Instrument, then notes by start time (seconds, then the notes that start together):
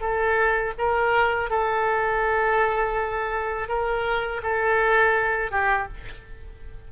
oboe
0.00 A4
0.78 A#4
1.50 A4
3.68 A#4
4.43 A4
5.51 G4